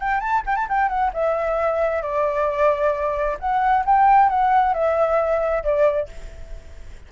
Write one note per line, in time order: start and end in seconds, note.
0.00 0.21 G5
0.21 0.43 A5
0.47 0.56 G5
0.56 0.67 A5
0.69 0.89 G5
0.89 1.12 F#5
1.14 2.02 E5
2.02 3.38 D5
3.40 3.85 F#5
3.86 4.30 G5
4.30 4.74 F#5
4.74 5.64 E5
5.64 6.09 D5